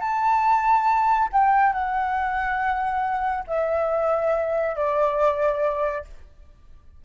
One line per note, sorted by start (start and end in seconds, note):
0.00 1.29 A5
1.32 1.73 G5
1.73 3.44 F#5
3.47 4.75 E5
4.76 6.04 D5